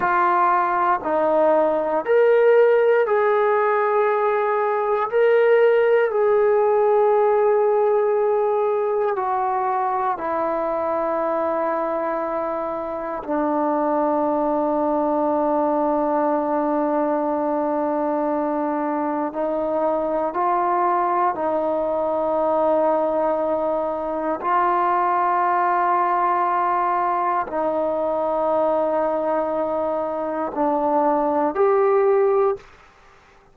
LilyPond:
\new Staff \with { instrumentName = "trombone" } { \time 4/4 \tempo 4 = 59 f'4 dis'4 ais'4 gis'4~ | gis'4 ais'4 gis'2~ | gis'4 fis'4 e'2~ | e'4 d'2.~ |
d'2. dis'4 | f'4 dis'2. | f'2. dis'4~ | dis'2 d'4 g'4 | }